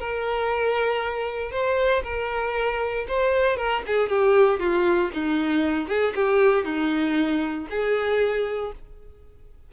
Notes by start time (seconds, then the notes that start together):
0.00 A#4
1.52 C5
2.04 A#4
3.08 C5
3.57 A#4
3.87 G#4
4.10 G4
4.60 F4
5.14 D#4
5.88 G#4
6.16 G4
6.65 D#4
7.70 G#4